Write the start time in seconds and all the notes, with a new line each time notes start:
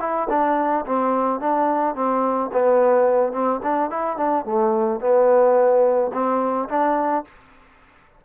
0.00 E4
0.29 D4
0.86 C4
1.40 D4
1.95 C4
2.53 B3
3.33 C4
3.63 D4
3.90 E4
4.17 D4
4.45 A3
5.01 B3
6.13 C4
6.69 D4